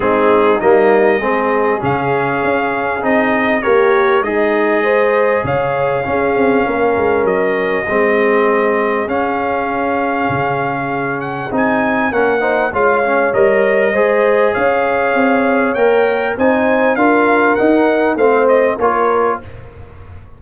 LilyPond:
<<
  \new Staff \with { instrumentName = "trumpet" } { \time 4/4 \tempo 4 = 99 gis'4 dis''2 f''4~ | f''4 dis''4 cis''4 dis''4~ | dis''4 f''2. | dis''2. f''4~ |
f''2~ f''8 fis''8 gis''4 | fis''4 f''4 dis''2 | f''2 g''4 gis''4 | f''4 fis''4 f''8 dis''8 cis''4 | }
  \new Staff \with { instrumentName = "horn" } { \time 4/4 dis'2 gis'2~ | gis'2 g'4 dis'4 | c''4 cis''4 gis'4 ais'4~ | ais'4 gis'2.~ |
gis'1 | ais'8 c''8 cis''2 c''4 | cis''2. c''4 | ais'2 c''4 ais'4 | }
  \new Staff \with { instrumentName = "trombone" } { \time 4/4 c'4 ais4 c'4 cis'4~ | cis'4 dis'4 ais'4 gis'4~ | gis'2 cis'2~ | cis'4 c'2 cis'4~ |
cis'2. dis'4 | cis'8 dis'8 f'8 cis'8 ais'4 gis'4~ | gis'2 ais'4 dis'4 | f'4 dis'4 c'4 f'4 | }
  \new Staff \with { instrumentName = "tuba" } { \time 4/4 gis4 g4 gis4 cis4 | cis'4 c'4 ais4 gis4~ | gis4 cis4 cis'8 c'8 ais8 gis8 | fis4 gis2 cis'4~ |
cis'4 cis2 c'4 | ais4 gis4 g4 gis4 | cis'4 c'4 ais4 c'4 | d'4 dis'4 a4 ais4 | }
>>